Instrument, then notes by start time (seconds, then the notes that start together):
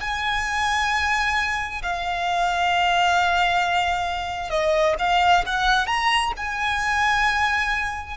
violin
0.00 G#5
1.82 F5
4.50 D#5
4.98 F5
5.45 F#5
5.86 A#5
6.36 G#5